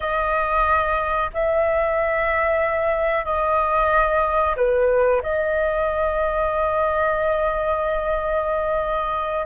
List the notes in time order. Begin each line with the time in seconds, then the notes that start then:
0.00 D#5
1.33 E5
3.25 D#5
4.56 B4
5.22 D#5